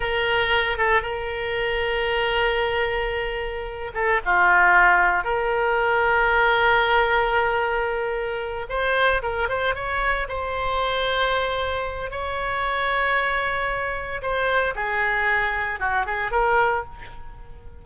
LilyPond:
\new Staff \with { instrumentName = "oboe" } { \time 4/4 \tempo 4 = 114 ais'4. a'8 ais'2~ | ais'2.~ ais'8 a'8 | f'2 ais'2~ | ais'1~ |
ais'8 c''4 ais'8 c''8 cis''4 c''8~ | c''2. cis''4~ | cis''2. c''4 | gis'2 fis'8 gis'8 ais'4 | }